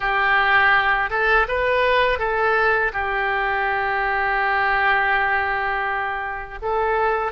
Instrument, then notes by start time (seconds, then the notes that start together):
oboe
0.00 G4
1.10 A4
1.47 B4
2.19 A4
2.93 G4
6.62 A4